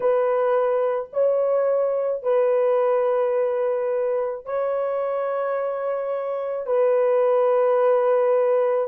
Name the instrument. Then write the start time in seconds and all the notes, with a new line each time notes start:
horn
0.00 B4
1.13 C#5
2.22 B4
4.45 C#5
6.66 B4